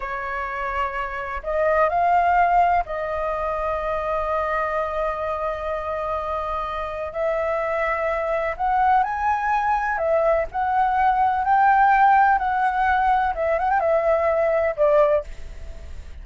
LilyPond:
\new Staff \with { instrumentName = "flute" } { \time 4/4 \tempo 4 = 126 cis''2. dis''4 | f''2 dis''2~ | dis''1~ | dis''2. e''4~ |
e''2 fis''4 gis''4~ | gis''4 e''4 fis''2 | g''2 fis''2 | e''8 fis''16 g''16 e''2 d''4 | }